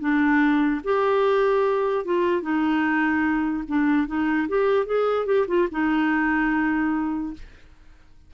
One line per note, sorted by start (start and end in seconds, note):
0.00 0.81 D4
0.84 2.05 G4
2.05 2.42 F4
2.42 3.64 D#4
3.68 4.07 D4
4.07 4.48 D#4
4.48 4.86 G4
4.86 5.26 G#4
5.26 5.46 G4
5.48 5.68 F4
5.71 7.33 D#4